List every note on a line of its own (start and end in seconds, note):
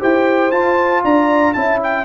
0.00 0.52 E4
0.00 0.51 G4
0.00 1.03 C5
0.00 0.52 G5
0.52 1.03 F4
0.52 1.55 F4
0.52 1.03 A5
1.04 1.56 D4
1.04 1.57 D5
1.04 1.54 A#5
1.54 2.05 C#4
1.54 2.05 E4
1.54 2.05 E5
1.54 1.79 A5
1.84 2.05 G5